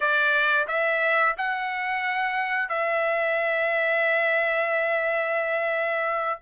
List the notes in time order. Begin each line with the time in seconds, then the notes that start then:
0.00 D5
0.67 E5
1.37 F#5
2.68 E5